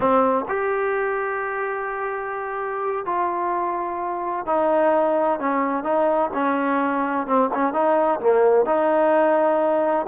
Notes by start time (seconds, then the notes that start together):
0.00 C4
0.48 G4
3.05 F4
4.45 D#4
5.39 C#4
5.83 D#4
6.33 C#4
7.26 C4
7.54 C#4
7.73 D#4
8.20 A#3
8.65 D#4